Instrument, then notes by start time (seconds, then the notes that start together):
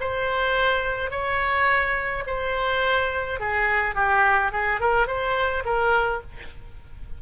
oboe
0.00 C5
1.10 C#5
2.26 C5
3.40 G#4
3.95 G4
4.52 G#4
4.80 A#4
5.06 C5
5.64 A#4